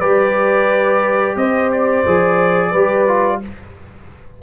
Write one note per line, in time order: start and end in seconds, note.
0.00 1.36 G3
0.00 2.05 G4
0.00 1.36 B4
0.00 1.36 D5
1.36 2.04 C4
1.36 2.71 C5
1.36 1.71 D#5
1.72 3.42 D5
2.06 2.74 F3
2.06 2.74 G#4
2.71 3.42 G3
2.71 3.07 G4
2.71 3.39 B4
3.07 3.41 F4